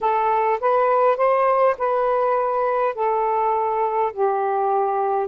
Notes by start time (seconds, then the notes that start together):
0.00 A4
0.60 B4
1.16 C5
1.78 B4
2.94 A4
4.12 G4